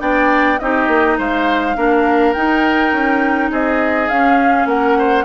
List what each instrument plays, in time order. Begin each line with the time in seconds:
0.00 bassoon B3, clarinet D4, oboe D5, flute G5
0.60 bassoon C4, clarinet D#4, oboe G4, flute D#5
0.88 bassoon A#3
1.19 bassoon G#3, oboe C5, flute F5
1.77 bassoon A#3, clarinet D4, oboe A#4
2.34 bassoon D#4, clarinet D#4, flute G5
2.93 bassoon C#4
3.51 bassoon C4, oboe G#4, flute D#5
4.09 bassoon C#4, clarinet C#4, flute F5
4.66 bassoon A#3, oboe A#4, flute F#5
4.99 oboe C5